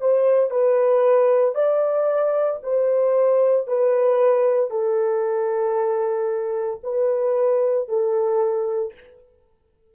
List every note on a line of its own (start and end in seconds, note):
0.00 0.50 C5
0.50 1.55 B4
1.55 2.60 D5
2.63 3.67 C5
3.67 4.70 B4
4.70 6.81 A4
6.83 7.89 B4
7.89 8.94 A4